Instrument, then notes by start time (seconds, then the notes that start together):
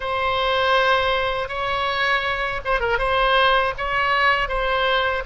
oboe
0.00 C5
1.48 C#5
2.64 C5
2.80 A#4
2.98 C5
3.77 C#5
4.48 C5